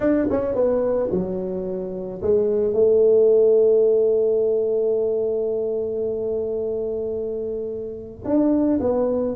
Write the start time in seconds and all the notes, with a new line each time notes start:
0.00 D4
0.30 C#4
0.55 B3
1.11 F#3
2.22 G#3
2.73 A3
8.24 D4
8.80 B3